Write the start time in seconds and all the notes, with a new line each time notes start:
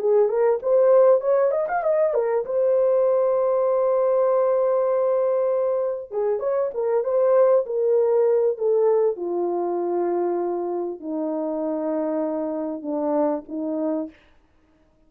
0.00 G#4
0.29 A#4
0.63 C5
1.21 C#5
1.52 D#5
1.69 F5
1.83 D#5
2.14 A#4
2.45 C5
6.11 G#4
6.40 C#5
6.74 A#4
7.04 C5
7.66 A#4
8.58 A4
9.16 F4
11.00 D#4
12.82 D4
13.49 D#4